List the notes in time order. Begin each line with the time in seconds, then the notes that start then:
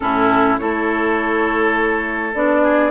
0.00 A2 C#4 E4 A4
0.58 A3 E4 A4 C#5
2.34 B3 D4 D5
2.62 G#4